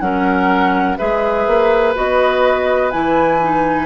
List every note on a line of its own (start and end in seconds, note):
0.00 0.97 F#3
0.00 0.98 C#4
0.00 0.98 A#4
0.00 0.97 F#5
0.98 1.47 G#3
0.98 1.95 G#4
0.98 3.86 B4
0.98 1.94 E5
1.47 1.95 A#3
1.95 2.93 B3
1.95 2.92 F#4
1.95 2.91 D#5
2.91 3.86 E3
2.91 3.40 E4
2.91 3.86 G#5
3.41 3.86 D#4